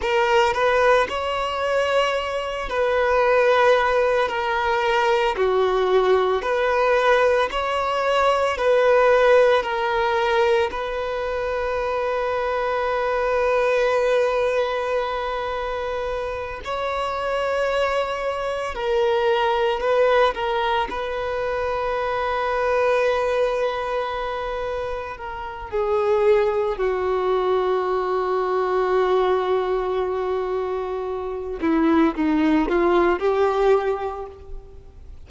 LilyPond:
\new Staff \with { instrumentName = "violin" } { \time 4/4 \tempo 4 = 56 ais'8 b'8 cis''4. b'4. | ais'4 fis'4 b'4 cis''4 | b'4 ais'4 b'2~ | b'2.~ b'8 cis''8~ |
cis''4. ais'4 b'8 ais'8 b'8~ | b'2.~ b'8 ais'8 | gis'4 fis'2.~ | fis'4. e'8 dis'8 f'8 g'4 | }